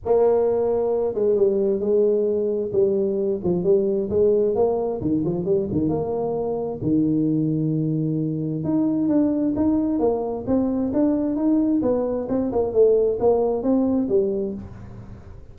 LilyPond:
\new Staff \with { instrumentName = "tuba" } { \time 4/4 \tempo 4 = 132 ais2~ ais8 gis8 g4 | gis2 g4. f8 | g4 gis4 ais4 dis8 f8 | g8 dis8 ais2 dis4~ |
dis2. dis'4 | d'4 dis'4 ais4 c'4 | d'4 dis'4 b4 c'8 ais8 | a4 ais4 c'4 g4 | }